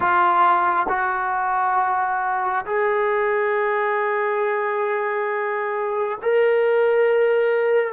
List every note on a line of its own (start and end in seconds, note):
0.00 0.87 F4
0.88 2.65 F#4
2.65 6.18 G#4
6.22 7.93 A#4